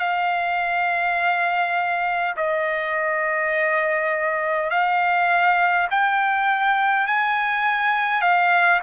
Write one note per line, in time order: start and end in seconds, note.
0.00 2.35 F5
2.37 4.71 D#5
4.71 5.88 F5
5.91 7.07 G5
7.07 8.22 G#5
8.22 8.81 F5